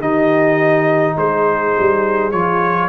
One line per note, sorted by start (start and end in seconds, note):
0.00 1.15 D#3
0.00 2.32 D#4
0.00 1.16 G4
0.00 1.17 D#5
1.16 1.74 G#3
1.16 2.89 G#4
1.16 2.31 C5
1.79 2.32 G3
2.31 2.89 F3
2.31 2.89 F4
2.31 2.89 C#5